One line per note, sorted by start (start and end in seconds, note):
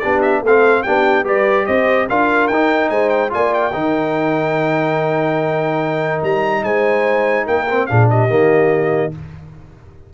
0.00 0.42 B3
0.00 0.45 D4
0.00 0.43 G4
0.00 0.21 D5
0.22 0.42 E5
0.42 0.84 A3
0.42 0.86 C4
0.42 0.85 A4
0.42 0.83 F5
0.83 1.25 B3
0.83 1.24 D4
0.83 1.25 G4
0.83 1.24 G5
1.24 1.66 G3
1.24 2.07 G4
1.24 1.66 B4
1.24 1.66 D5
1.66 2.10 C4
1.66 2.08 C5
1.66 2.08 D#5
2.09 2.49 D4
2.09 2.52 F4
2.09 2.91 A#4
2.09 2.48 F5
2.48 2.90 D#4
2.48 3.30 D#4
2.48 2.89 G5
2.90 3.31 G#3
2.90 3.32 C5
2.90 3.09 G#5
3.09 3.30 G5
3.30 3.74 A#3
3.30 3.71 F4
3.30 3.73 D5
3.30 3.54 G#5
3.54 6.23 G5
3.73 6.22 D#3
3.73 7.67 D#4
3.73 6.63 A#4
6.23 6.63 G3
6.23 6.64 A#5
6.63 7.46 G#3
6.63 7.46 C5
6.63 7.47 G#5
7.46 7.89 A#3
7.46 7.87 A#4
7.46 7.87 G5
7.71 7.89 C4
7.87 8.29 A#2
7.87 8.29 D4
7.87 8.10 G#4
7.87 8.07 F5
8.10 9.14 G4
8.10 9.14 D#5
8.29 9.12 D#3
8.29 9.12 A#3